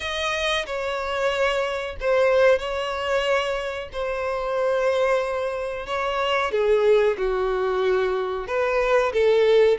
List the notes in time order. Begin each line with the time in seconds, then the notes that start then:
0.00 D#5
0.66 C#5
2.00 C5
2.58 C#5
3.92 C5
5.86 C#5
6.51 G#4
7.17 F#4
8.47 B4
9.12 A4